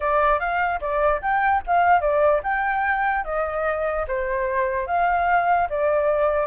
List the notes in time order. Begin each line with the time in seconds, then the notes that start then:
0.00 D5
0.39 F5
0.80 D5
1.21 G5
1.66 F5
2.00 D5
2.43 G5
3.24 D#5
4.07 C5
4.86 F5
5.69 D5